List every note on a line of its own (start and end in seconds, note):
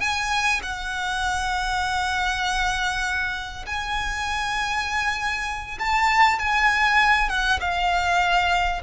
0.00 0.61 G#5
0.62 3.65 F#5
3.66 5.78 G#5
5.79 6.39 A5
6.39 7.29 G#5
7.29 7.59 F#5
7.60 8.81 F5